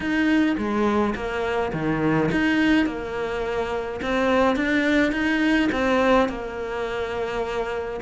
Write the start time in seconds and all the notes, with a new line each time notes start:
0.00 D#4
0.57 G#3
1.15 A#3
1.72 D#3
2.31 D#4
2.86 A#3
4.02 C4
4.56 D4
5.11 D#4
5.72 C4
6.29 A#3